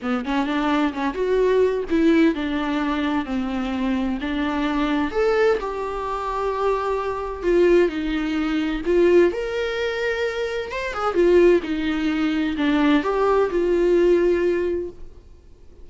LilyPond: \new Staff \with { instrumentName = "viola" } { \time 4/4 \tempo 4 = 129 b8 cis'8 d'4 cis'8 fis'4. | e'4 d'2 c'4~ | c'4 d'2 a'4 | g'1 |
f'4 dis'2 f'4 | ais'2. c''8 gis'8 | f'4 dis'2 d'4 | g'4 f'2. | }